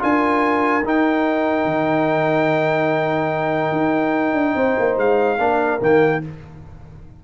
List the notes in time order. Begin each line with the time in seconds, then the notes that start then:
0.00 D4 F4 A#4 G#5
0.84 D#4 G5
1.65 D#3
3.72 D#4
4.34 D4
4.55 C4 C5
4.79 A#3
4.98 G#3 F5
5.39 A#3 D4 A#4
5.80 D#3 A#3 G5